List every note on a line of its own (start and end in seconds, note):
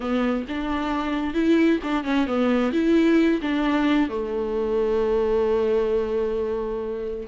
0.00 0.45 B3
0.48 1.34 D4
1.34 1.79 E4
1.83 2.04 D4
2.04 2.26 C#4
2.26 2.72 B3
2.72 3.40 E4
3.41 4.09 D4
4.09 7.27 A3